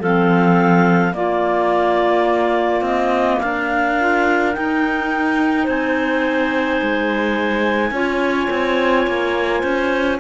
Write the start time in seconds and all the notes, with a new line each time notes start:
0.00 F3 C4 A4 F5
1.13 A#3 F4 D5
2.81 C4 D#5
3.40 D4 A#4 F5
3.99 F4
4.53 D#4 G5
5.63 C4 C5 G#5
6.81 G#3
7.91 C#4 F4 C#5
8.50 C4
9.07 A#3
9.60 C#4 C5